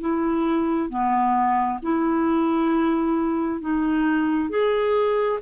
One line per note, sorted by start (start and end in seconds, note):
0.00 0.89 E4
0.89 1.79 B3
1.82 3.60 E4
3.60 4.49 D#4
4.49 5.39 G#4